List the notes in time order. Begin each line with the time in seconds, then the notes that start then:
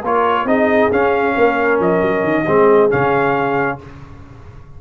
0.00 A#3 F4 A#4 C#5
0.44 C4 D#4 G#4 D#5
0.91 C#4 F5
1.34 A#3 A#4
1.80 F3 D#5
2.02 F#3
2.23 D#3
2.46 G#3 C4 G#4
2.90 C#3 C#4 F5